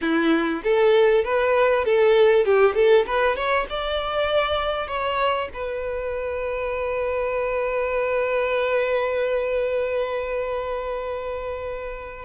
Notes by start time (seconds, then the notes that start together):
0.01 E4
0.63 A4
1.24 B4
1.85 A4
2.45 G4
2.74 A4
3.06 B4
3.36 C#5
3.69 D5
4.87 C#5
5.53 B4